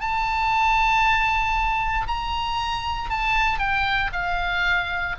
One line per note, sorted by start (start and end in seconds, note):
0.00 2.07 A5
2.07 3.09 A#5
3.09 3.58 A5
3.58 4.10 G5
4.12 5.16 F5